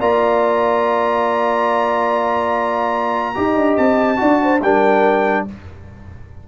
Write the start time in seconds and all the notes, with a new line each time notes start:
0.00 A#3 F4 D5 A#5
3.35 D#4 G4 D#5
3.56 D4
3.77 C4 A5
4.17 D4 F#4 D5
4.42 C5
4.61 G3 D4 A#4 G5